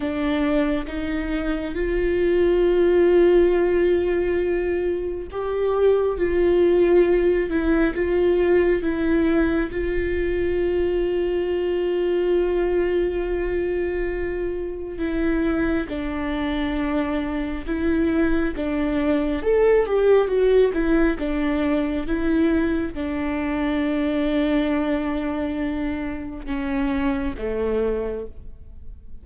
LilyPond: \new Staff \with { instrumentName = "viola" } { \time 4/4 \tempo 4 = 68 d'4 dis'4 f'2~ | f'2 g'4 f'4~ | f'8 e'8 f'4 e'4 f'4~ | f'1~ |
f'4 e'4 d'2 | e'4 d'4 a'8 g'8 fis'8 e'8 | d'4 e'4 d'2~ | d'2 cis'4 a4 | }